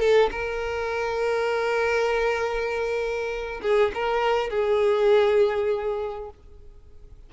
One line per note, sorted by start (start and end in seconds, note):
0.00 0.30 A4
0.31 3.61 A#4
3.62 3.92 G#4
3.94 4.50 A#4
4.50 6.30 G#4